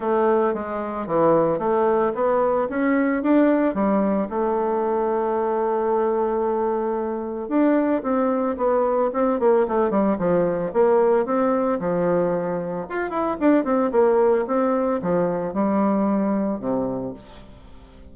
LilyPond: \new Staff \with { instrumentName = "bassoon" } { \time 4/4 \tempo 4 = 112 a4 gis4 e4 a4 | b4 cis'4 d'4 g4 | a1~ | a2 d'4 c'4 |
b4 c'8 ais8 a8 g8 f4 | ais4 c'4 f2 | f'8 e'8 d'8 c'8 ais4 c'4 | f4 g2 c4 | }